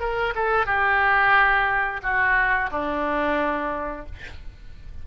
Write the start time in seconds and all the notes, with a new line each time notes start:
0.00 A#4
0.35 A4
0.66 G4
2.03 F#4
2.71 D4